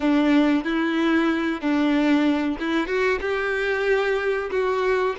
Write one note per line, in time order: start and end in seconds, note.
0.00 0.64 D4
0.64 1.61 E4
1.61 2.57 D4
2.59 2.87 E4
2.87 3.19 F#4
3.21 4.50 G4
4.50 5.15 F#4